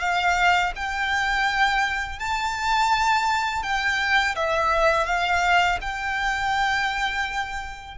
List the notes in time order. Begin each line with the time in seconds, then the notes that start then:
0.00 F5
0.75 G5
2.19 A5
3.62 G5
4.35 E5
5.06 F5
5.81 G5